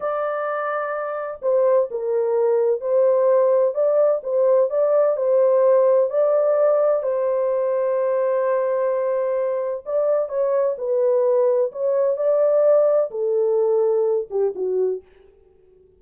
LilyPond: \new Staff \with { instrumentName = "horn" } { \time 4/4 \tempo 4 = 128 d''2. c''4 | ais'2 c''2 | d''4 c''4 d''4 c''4~ | c''4 d''2 c''4~ |
c''1~ | c''4 d''4 cis''4 b'4~ | b'4 cis''4 d''2 | a'2~ a'8 g'8 fis'4 | }